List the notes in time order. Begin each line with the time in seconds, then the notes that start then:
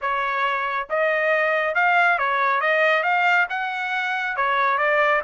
0.01 C#5
0.89 D#5
1.75 F5
2.18 C#5
2.61 D#5
3.03 F5
3.49 F#5
4.36 C#5
4.78 D5